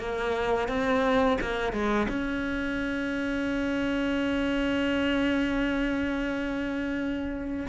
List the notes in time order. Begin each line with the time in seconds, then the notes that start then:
0.00 A#3
0.68 C4
1.41 A#3
1.73 G#3
2.09 C#4